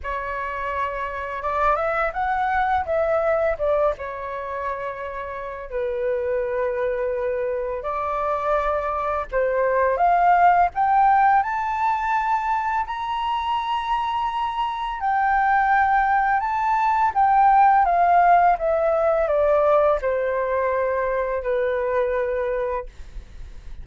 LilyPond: \new Staff \with { instrumentName = "flute" } { \time 4/4 \tempo 4 = 84 cis''2 d''8 e''8 fis''4 | e''4 d''8 cis''2~ cis''8 | b'2. d''4~ | d''4 c''4 f''4 g''4 |
a''2 ais''2~ | ais''4 g''2 a''4 | g''4 f''4 e''4 d''4 | c''2 b'2 | }